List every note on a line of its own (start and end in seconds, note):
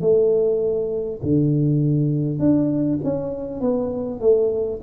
0.00 1.20 A3
1.22 2.38 D3
2.38 2.98 D4
3.03 3.60 C#4
3.60 4.20 B3
4.20 4.80 A3